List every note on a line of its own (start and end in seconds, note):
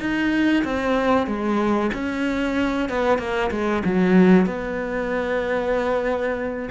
0.00 0.64 D#4
0.64 1.27 C4
1.27 1.91 G#3
1.94 2.90 C#4
2.90 3.19 B3
3.19 3.51 A#3
3.51 3.83 G#3
3.85 4.46 F#3
4.46 6.70 B3